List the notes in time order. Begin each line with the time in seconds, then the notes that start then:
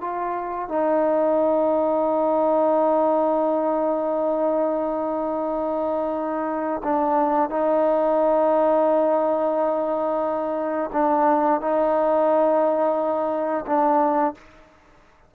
0.00 F4
0.68 D#4
6.83 D4
7.49 D#4
10.92 D4
11.60 D#4
13.66 D4